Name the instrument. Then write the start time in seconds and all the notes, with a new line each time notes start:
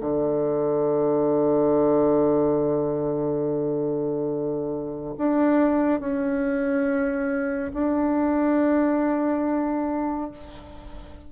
bassoon
0.00 D3
5.17 D4
6.00 C#4
7.73 D4